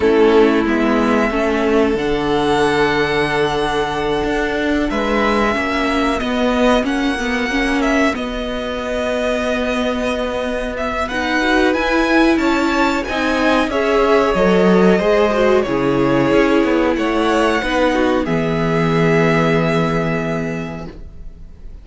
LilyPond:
<<
  \new Staff \with { instrumentName = "violin" } { \time 4/4 \tempo 4 = 92 a'4 e''2 fis''4~ | fis''2.~ fis''8 e''8~ | e''4. dis''4 fis''4. | e''8 dis''2.~ dis''8~ |
dis''8 e''8 fis''4 gis''4 a''4 | gis''4 e''4 dis''2 | cis''2 fis''2 | e''1 | }
  \new Staff \with { instrumentName = "violin" } { \time 4/4 e'2 a'2~ | a'2.~ a'8 b'8~ | b'8 fis'2.~ fis'8~ | fis'1~ |
fis'4 b'2 cis''4 | dis''4 cis''2 c''4 | gis'2 cis''4 b'8 fis'8 | gis'1 | }
  \new Staff \with { instrumentName = "viola" } { \time 4/4 cis'4 b4 cis'4 d'4~ | d'1~ | d'8 cis'4 b4 cis'8 b8 cis'8~ | cis'8 b2.~ b8~ |
b4. fis'8 e'2 | dis'4 gis'4 a'4 gis'8 fis'8 | e'2. dis'4 | b1 | }
  \new Staff \with { instrumentName = "cello" } { \time 4/4 a4 gis4 a4 d4~ | d2~ d8 d'4 gis8~ | gis8 ais4 b4 ais4.~ | ais8 b2.~ b8~ |
b4 dis'4 e'4 cis'4 | c'4 cis'4 fis4 gis4 | cis4 cis'8 b8 a4 b4 | e1 | }
>>